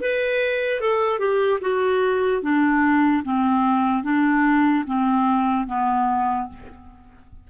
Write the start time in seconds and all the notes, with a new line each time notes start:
0.00 B4
0.80 A4
1.18 G4
1.61 F#4
2.42 D4
3.24 C4
4.03 D4
4.86 C4
5.66 B3